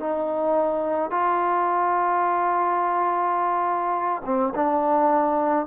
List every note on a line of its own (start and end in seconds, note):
0.00 1.11 D#4
1.11 4.22 F4
4.25 4.53 C4
4.55 5.67 D4